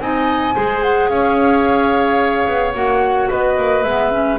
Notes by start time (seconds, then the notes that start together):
0.00 C4 D#4 D#5 G#5
0.54 G#3 G#4 C5
0.83 F#5
1.09 C#4 C#5 F5
2.47 B3
2.74 A#3 F#4 F#5
3.30 B3 B4 D#5
3.58 A#3
3.83 G#3 B3 E5
4.11 C#4